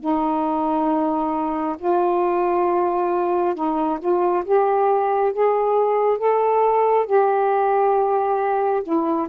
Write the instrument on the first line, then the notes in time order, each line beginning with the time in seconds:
saxophone
0.00 D#4
1.78 F4
3.55 D#4
4.00 F4
4.45 G4
5.33 G#4
6.18 A4
7.06 G4
8.84 E4